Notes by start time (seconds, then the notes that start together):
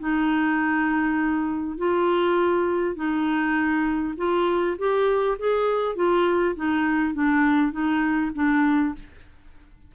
0.00 D#4
1.78 F4
2.96 D#4
4.18 F4
4.79 G4
5.39 G#4
5.96 F4
6.56 D#4
7.15 D4
7.72 D#4
8.35 D4